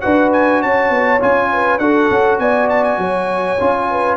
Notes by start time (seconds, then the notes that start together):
0.00 D4 F#4 B4 F#5
0.32 G#5
0.62 C#4 C#5 A5
0.89 B3
1.20 C#4 F4 G#5
1.52 B4
1.78 D4 F#4 A4 F#5
2.10 C#4
2.38 B3 D5 G#5
2.69 A5
2.84 G#5
2.97 F#3 C#5
3.59 C#4 F4
3.90 B4